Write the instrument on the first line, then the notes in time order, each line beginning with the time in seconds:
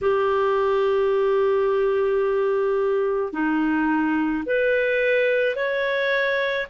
clarinet
0.01 G4
3.32 D#4
4.45 B4
5.56 C#5